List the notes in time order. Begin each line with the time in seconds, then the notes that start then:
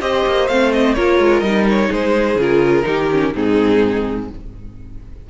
0.00 C4 G4 C5 D#5
0.26 A#3
0.48 A3 C4 F5
0.72 D#5
0.93 A#3 F4 A#4 C#5
1.19 G#3
1.40 G3 D#4 D#5
1.69 C#5
1.88 G#3 G#4 C5
2.35 C#3 F4 A#4
2.83 D#3 D#4 G4
3.11 C#4
3.34 G#2 C4 D#4 G#4